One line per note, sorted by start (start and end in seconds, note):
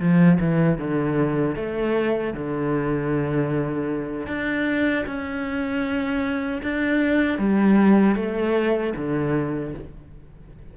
0.00 0.39 F3
0.40 0.78 E3
0.78 1.56 D3
1.56 2.34 A3
2.34 4.28 D3
4.28 5.05 D4
5.06 6.62 C#4
6.63 7.39 D4
7.39 8.16 G3
8.16 8.94 A3
8.96 9.74 D3